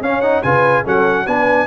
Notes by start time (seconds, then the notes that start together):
0.00 C#4 C#5 F5
0.21 D#4 F#5
0.42 C#3 F4 B4 G#5
0.83 F#3 C#4 A4 F#5
1.26 B3 D4 B4 G#5